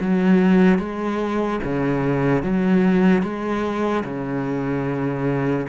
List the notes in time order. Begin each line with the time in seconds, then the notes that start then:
0.00 F#3
0.79 G#3
1.63 C#3
2.43 F#3
3.22 G#3
4.04 C#3